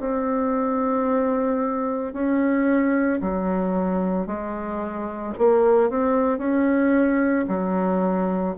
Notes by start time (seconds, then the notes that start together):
0.00 C4
2.13 C#4
3.21 F#3
4.27 G#3
5.39 A#3
5.90 C4
6.39 C#4
7.49 F#3